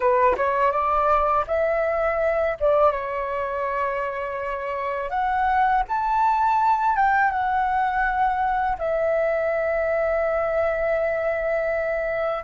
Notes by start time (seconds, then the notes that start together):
0.00 B4
0.37 C#5
0.71 D5
1.47 E5
2.60 D5
2.91 C#5
5.10 F#5
5.88 A5
6.96 G5
7.30 F#5
8.78 E5